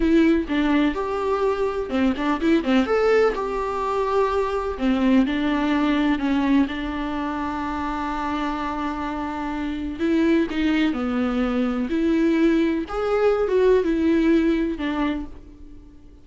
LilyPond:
\new Staff \with { instrumentName = "viola" } { \time 4/4 \tempo 4 = 126 e'4 d'4 g'2 | c'8 d'8 e'8 c'8 a'4 g'4~ | g'2 c'4 d'4~ | d'4 cis'4 d'2~ |
d'1~ | d'4 e'4 dis'4 b4~ | b4 e'2 gis'4~ | gis'16 fis'8. e'2 d'4 | }